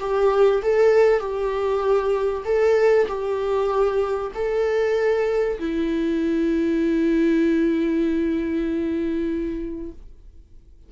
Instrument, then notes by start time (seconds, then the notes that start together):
viola
0.00 G4
0.62 A4
1.20 G4
2.45 A4
3.08 G4
4.35 A4
5.59 E4